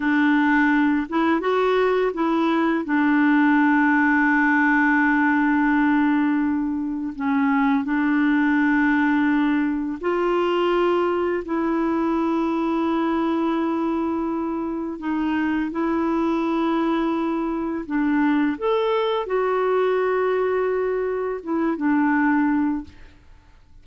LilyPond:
\new Staff \with { instrumentName = "clarinet" } { \time 4/4 \tempo 4 = 84 d'4. e'8 fis'4 e'4 | d'1~ | d'2 cis'4 d'4~ | d'2 f'2 |
e'1~ | e'4 dis'4 e'2~ | e'4 d'4 a'4 fis'4~ | fis'2 e'8 d'4. | }